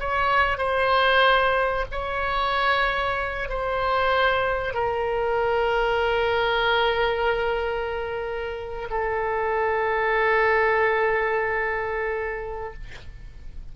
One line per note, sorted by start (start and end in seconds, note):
0.00 0.58 C#5
0.58 1.86 C5
1.91 3.49 C#5
3.49 4.74 C5
4.74 8.89 A#4
8.91 12.74 A4